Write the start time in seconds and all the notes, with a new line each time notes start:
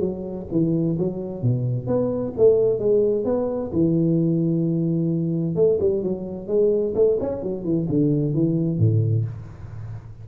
0.00 F#3
0.51 E3
0.99 F#3
1.42 B2
1.87 B3
2.37 A3
2.79 G#3
3.25 B3
3.73 E3
5.56 A3
5.80 G3
6.03 F#3
6.48 G#3
6.95 A3
7.20 C#4
7.43 F#3
7.64 E3
7.89 D3
8.34 E3
8.79 A2